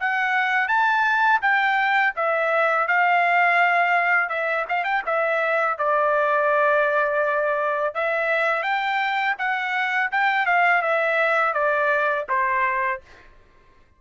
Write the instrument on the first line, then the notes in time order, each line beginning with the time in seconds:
trumpet
0.00 F#5
0.68 A5
1.42 G5
2.16 E5
2.88 F5
4.29 E5
4.69 F5
4.84 G5
5.06 E5
5.78 D5
7.95 E5
8.63 G5
9.38 F#5
10.12 G5
10.46 F5
10.82 E5
11.54 D5
12.29 C5